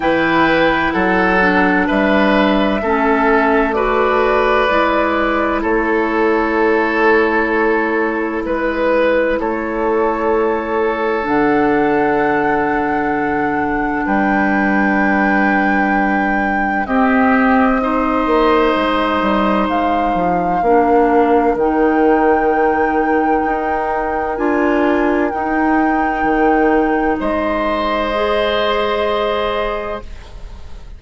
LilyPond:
<<
  \new Staff \with { instrumentName = "flute" } { \time 4/4 \tempo 4 = 64 g''4 fis''4 e''2 | d''2 cis''2~ | cis''4 b'4 cis''2 | fis''2. g''4~ |
g''2 dis''2~ | dis''4 f''2 g''4~ | g''2 gis''4 g''4~ | g''4 dis''2. | }
  \new Staff \with { instrumentName = "oboe" } { \time 4/4 b'4 a'4 b'4 a'4 | b'2 a'2~ | a'4 b'4 a'2~ | a'2. b'4~ |
b'2 g'4 c''4~ | c''2 ais'2~ | ais'1~ | ais'4 c''2. | }
  \new Staff \with { instrumentName = "clarinet" } { \time 4/4 e'4. d'4. cis'4 | fis'4 e'2.~ | e'1 | d'1~ |
d'2 c'4 dis'4~ | dis'2 d'4 dis'4~ | dis'2 f'4 dis'4~ | dis'2 gis'2 | }
  \new Staff \with { instrumentName = "bassoon" } { \time 4/4 e4 fis4 g4 a4~ | a4 gis4 a2~ | a4 gis4 a2 | d2. g4~ |
g2 c'4. ais8 | gis8 g8 gis8 f8 ais4 dis4~ | dis4 dis'4 d'4 dis'4 | dis4 gis2. | }
>>